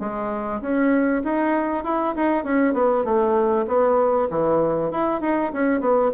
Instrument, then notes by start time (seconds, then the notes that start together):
bassoon
0.00 G#3
0.62 C#4
1.24 D#4
1.84 E4
2.16 D#4
2.45 C#4
2.74 B3
3.05 A3
3.68 B3
4.31 E3
4.91 E4
5.21 D#4
5.53 C#4
5.81 B3